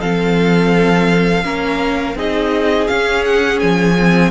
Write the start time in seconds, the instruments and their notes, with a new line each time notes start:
0.00 cello F3, viola C4, violin A4 F5
1.44 cello A#3, viola C#4, violin A#4
2.15 cello C4, viola D#4, violin G#4 D#5
2.88 viola C#4, cello C#4, violin F5
3.26 violin F#5
3.59 cello F3, violin G#5
3.99 viola C4